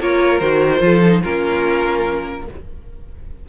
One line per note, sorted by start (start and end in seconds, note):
0.00 0.40 A#3
0.00 0.41 F4
0.00 0.82 A#4
0.00 0.39 C#5
0.39 0.81 D#3
0.39 0.80 F#4
0.39 1.21 C5
0.80 1.22 F3
0.80 1.00 F4
0.80 1.22 A4
1.05 1.23 D#4
1.22 2.48 A#3
1.22 2.45 C#4
1.22 2.45 F4
1.22 2.46 A#4